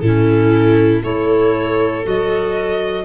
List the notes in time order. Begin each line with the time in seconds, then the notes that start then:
0.00 A2 C#4 E4 A4
1.02 A3 E4 A4 C#5
2.03 F#3 F#4 D#5